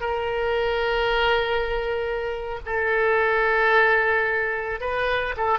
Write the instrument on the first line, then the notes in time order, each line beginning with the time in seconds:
oboe
0.00 A#4
2.65 A4
4.80 B4
5.37 A4